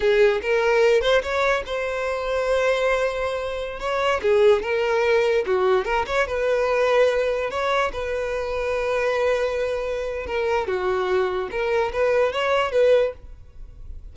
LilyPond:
\new Staff \with { instrumentName = "violin" } { \time 4/4 \tempo 4 = 146 gis'4 ais'4. c''8 cis''4 | c''1~ | c''4~ c''16 cis''4 gis'4 ais'8.~ | ais'4~ ais'16 fis'4 ais'8 cis''8 b'8.~ |
b'2~ b'16 cis''4 b'8.~ | b'1~ | b'4 ais'4 fis'2 | ais'4 b'4 cis''4 b'4 | }